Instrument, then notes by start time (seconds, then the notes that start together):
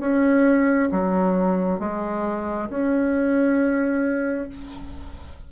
bassoon
0.00 C#4
0.92 F#3
1.80 G#3
2.70 C#4